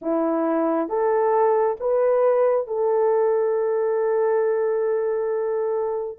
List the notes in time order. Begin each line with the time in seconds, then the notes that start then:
0.01 E4
0.88 A4
1.80 B4
2.67 A4